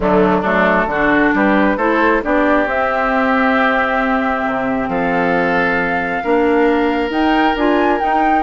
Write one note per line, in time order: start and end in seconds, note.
0.00 0.42 D3
0.00 0.44 F#3
0.00 0.40 A3
0.00 0.44 D4
0.40 0.86 F#3
0.40 0.89 A3
0.40 0.85 D4
0.40 1.32 A4
0.86 1.30 D3
0.86 1.78 D4
0.86 1.34 F#4
1.34 1.76 G3
1.34 1.77 G4
1.34 1.78 B4
1.76 2.21 A3
1.76 2.22 E4
1.76 2.21 A4
1.76 2.22 C5
2.22 2.65 B3
2.22 2.66 D4
2.22 4.89 G4
2.22 2.68 D5
2.65 4.43 C4
2.65 6.24 C4
2.65 4.89 E5
4.45 4.88 C3
4.88 6.21 F3
4.88 6.23 A4
4.88 7.11 F5
6.23 7.10 A#3
6.23 7.09 D4
6.23 8.42 A#4
7.09 7.54 D#4
7.09 7.56 G5
7.55 8.00 D4
7.55 8.00 F4
7.55 7.99 G#5
7.99 8.42 D#4
7.99 8.42 G5